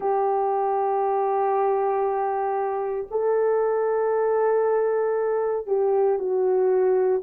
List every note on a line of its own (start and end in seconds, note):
0.00 3.07 G4
3.10 5.67 A4
5.67 6.18 G4
6.18 7.22 F#4